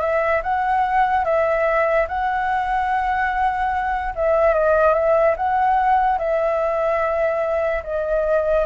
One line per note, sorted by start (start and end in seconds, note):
0.00 0.41 E5
0.43 1.24 F#5
1.24 2.07 E5
2.08 4.14 F#5
4.15 4.54 E5
4.54 4.94 D#5
4.94 5.35 E5
5.36 6.18 F#5
6.18 7.83 E5
7.83 8.66 D#5